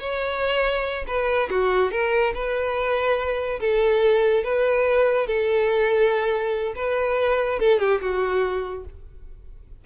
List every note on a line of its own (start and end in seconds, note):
0.00 1.05 C#5
1.08 1.50 B4
1.50 1.91 F#4
1.91 2.33 A#4
2.34 3.60 B4
3.60 4.44 A4
4.44 5.27 B4
5.27 6.74 A4
6.76 7.59 B4
7.60 7.79 A4
7.79 8.00 G4
8.01 8.85 F#4